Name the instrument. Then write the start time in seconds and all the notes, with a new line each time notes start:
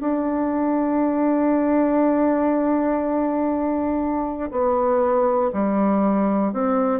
bassoon
0.00 D4
4.51 B3
5.53 G3
6.52 C4